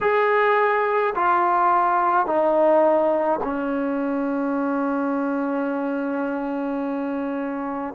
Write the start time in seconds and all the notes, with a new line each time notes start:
0.00 G#4
1.15 F4
2.26 D#4
3.43 C#4